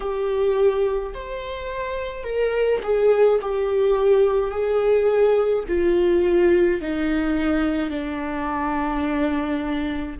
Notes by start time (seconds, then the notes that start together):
0.00 G4
1.14 C5
2.23 A#4
2.83 G#4
3.41 G4
4.50 G#4
5.68 F4
6.81 D#4
7.89 D4